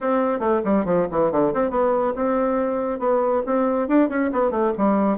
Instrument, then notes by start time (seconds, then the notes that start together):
bassoon
0.01 C4
0.39 A3
0.64 G3
0.85 F3
1.11 E3
1.31 D3
1.53 C4
1.70 B3
2.15 C4
2.99 B3
3.45 C4
3.88 D4
4.09 C#4
4.32 B3
4.50 A3
4.77 G3